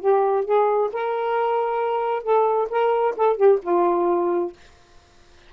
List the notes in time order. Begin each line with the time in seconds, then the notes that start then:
0.00 G4
0.45 G#4
0.93 A#4
2.23 A4
2.70 A#4
3.17 A4
3.37 G4
3.62 F4